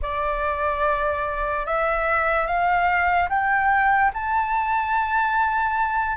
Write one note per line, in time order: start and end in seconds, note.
0.01 1.66 D5
1.66 2.46 E5
2.46 3.28 F5
3.29 4.11 G5
4.13 6.16 A5